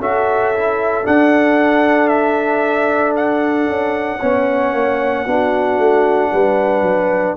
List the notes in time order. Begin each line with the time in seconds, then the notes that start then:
0.00 C#4 F#4 A4 E5
0.55 E4
1.04 D4 F#5
2.08 E5
3.17 F#5
3.67 C#4
4.19 B3 C#4 C#5
4.73 A#3
5.26 B3 D4 F#4
5.78 A3
6.33 G3 B4
6.82 F#3